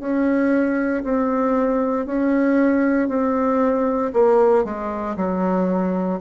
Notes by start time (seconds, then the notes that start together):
0.00 C#4
1.03 C4
2.06 C#4
3.08 C4
4.13 A#3
4.64 G#3
5.16 F#3